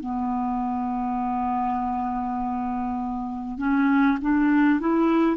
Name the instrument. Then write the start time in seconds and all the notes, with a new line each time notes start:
clarinet
0.00 B3
3.58 C#4
4.21 D4
4.80 E4